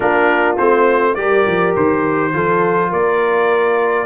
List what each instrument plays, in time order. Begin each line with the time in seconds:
0.00 tuba A#3, trombone D4, horn F4, trumpet A#4
0.57 tuba A3, trombone C4, trumpet C5
1.15 tuba G3, trombone G4, horn A#4, trumpet D5
1.46 tuba F3
1.76 tuba D#3, trumpet C5
2.33 tuba F3, trombone F4, horn A4
2.90 tuba A#3, horn A#4, trumpet D5